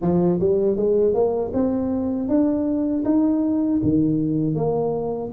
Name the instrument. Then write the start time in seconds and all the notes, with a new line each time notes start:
tuba
0.01 F3
0.39 G3
0.76 G#3
1.14 A#3
1.53 C4
2.28 D4
3.04 D#4
3.82 D#3
4.55 A#3